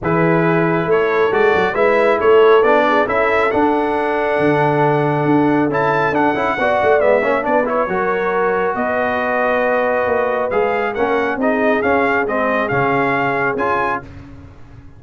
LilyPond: <<
  \new Staff \with { instrumentName = "trumpet" } { \time 4/4 \tempo 4 = 137 b'2 cis''4 d''4 | e''4 cis''4 d''4 e''4 | fis''1~ | fis''4 a''4 fis''2 |
e''4 d''8 cis''2~ cis''8 | dis''1 | f''4 fis''4 dis''4 f''4 | dis''4 f''2 gis''4 | }
  \new Staff \with { instrumentName = "horn" } { \time 4/4 gis'2 a'2 | b'4 a'4. gis'8 a'4~ | a'1~ | a'2. d''4~ |
d''8 cis''8 b'4 ais'2 | b'1~ | b'4 ais'4 gis'2~ | gis'1 | }
  \new Staff \with { instrumentName = "trombone" } { \time 4/4 e'2. fis'4 | e'2 d'4 e'4 | d'1~ | d'4 e'4 d'8 e'8 fis'4 |
b8 cis'8 d'8 e'8 fis'2~ | fis'1 | gis'4 cis'4 dis'4 cis'4 | c'4 cis'2 f'4 | }
  \new Staff \with { instrumentName = "tuba" } { \time 4/4 e2 a4 gis8 fis8 | gis4 a4 b4 cis'4 | d'2 d2 | d'4 cis'4 d'8 cis'8 b8 a8 |
gis8 ais8 b4 fis2 | b2. ais4 | gis4 ais4 c'4 cis'4 | gis4 cis2 cis'4 | }
>>